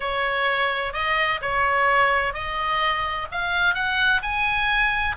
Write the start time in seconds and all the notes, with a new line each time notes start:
0.00 C#5
0.93 D#5
1.41 C#5
2.33 D#5
3.31 F5
3.74 F#5
4.22 G#5